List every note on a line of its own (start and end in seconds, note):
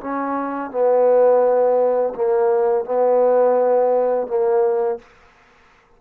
0.00 0.70 C#4
0.70 2.13 B3
2.15 2.84 A#3
2.84 4.27 B3
4.27 4.98 A#3